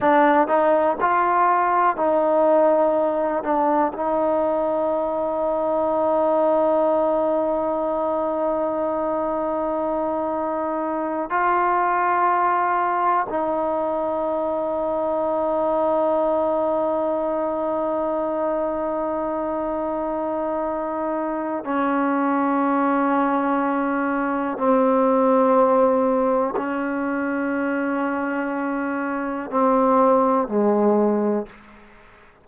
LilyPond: \new Staff \with { instrumentName = "trombone" } { \time 4/4 \tempo 4 = 61 d'8 dis'8 f'4 dis'4. d'8 | dis'1~ | dis'2.~ dis'8 f'8~ | f'4. dis'2~ dis'8~ |
dis'1~ | dis'2 cis'2~ | cis'4 c'2 cis'4~ | cis'2 c'4 gis4 | }